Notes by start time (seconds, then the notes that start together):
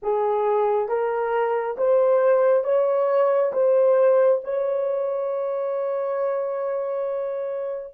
0.02 G#4
0.88 A#4
1.77 C5
2.64 C#5
3.53 C5
4.44 C#5